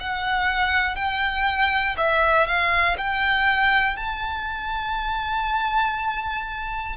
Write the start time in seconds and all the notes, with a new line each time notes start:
0.00 F#5
0.96 G5
1.97 E5
2.46 F5
2.98 G5
3.96 A5